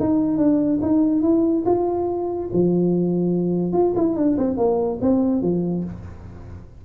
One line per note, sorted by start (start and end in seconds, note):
0.00 0.38 D#4
0.38 0.80 D4
0.83 1.22 D#4
1.22 1.64 E4
1.66 2.50 F4
2.53 3.73 F3
3.73 3.94 F4
3.97 4.16 E4
4.16 4.37 D4
4.38 4.58 C4
4.58 4.99 A#3
5.02 5.43 C4
5.43 5.85 F3